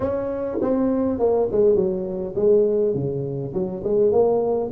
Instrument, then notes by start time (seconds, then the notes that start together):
tuba
0.00 C#4
0.61 C4
1.19 A#3
1.51 G#3
1.75 F#3
2.35 G#3
2.94 C#3
3.53 F#3
3.84 G#3
4.11 A#3